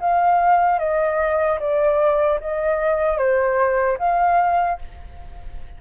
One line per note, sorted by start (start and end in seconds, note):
0.00 0.79 F5
0.79 1.59 D#5
1.60 2.40 D5
2.41 3.18 D#5
3.18 3.98 C5
3.99 4.79 F5